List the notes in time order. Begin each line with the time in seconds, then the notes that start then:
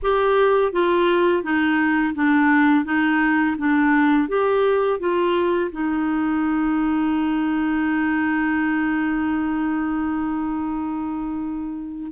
0.02 G4
0.72 F4
1.43 D#4
2.14 D4
2.84 D#4
3.58 D4
4.28 G4
4.99 F4
5.71 D#4